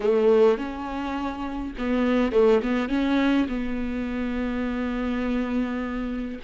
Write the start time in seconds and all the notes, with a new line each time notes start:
0.00 A3
0.57 C#4
1.78 B3
2.31 A3
2.62 B3
2.88 C#4
3.48 B3